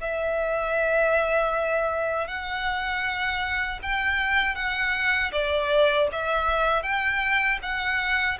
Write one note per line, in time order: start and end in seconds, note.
0.00 2.27 E5
2.27 3.79 F#5
3.82 4.55 G5
4.55 5.31 F#5
5.32 6.08 D5
6.11 6.83 E5
6.83 7.58 G5
7.62 8.38 F#5